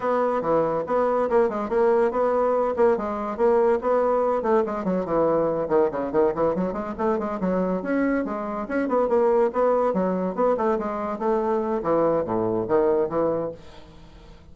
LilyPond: \new Staff \with { instrumentName = "bassoon" } { \time 4/4 \tempo 4 = 142 b4 e4 b4 ais8 gis8 | ais4 b4. ais8 gis4 | ais4 b4. a8 gis8 fis8 | e4. dis8 cis8 dis8 e8 fis8 |
gis8 a8 gis8 fis4 cis'4 gis8~ | gis8 cis'8 b8 ais4 b4 fis8~ | fis8 b8 a8 gis4 a4. | e4 a,4 dis4 e4 | }